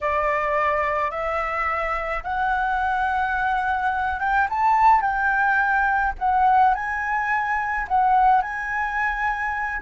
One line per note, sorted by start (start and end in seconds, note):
0.00 1.11 D5
1.11 2.23 E5
2.23 4.19 F#5
4.19 4.47 G5
4.49 5.01 A5
5.01 6.13 G5
6.18 6.74 F#5
6.74 7.86 G#5
7.88 8.41 F#5
8.41 9.81 G#5